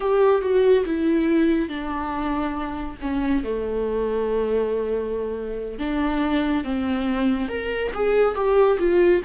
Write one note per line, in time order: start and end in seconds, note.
0.00 0.41 G4
0.41 0.84 F#4
0.85 1.68 E4
1.68 2.97 D4
3.01 3.43 C#4
3.43 5.78 A3
5.78 6.64 D4
6.64 7.48 C4
7.48 7.91 A#4
7.94 8.35 G#4
8.35 8.78 G4
8.79 9.21 F4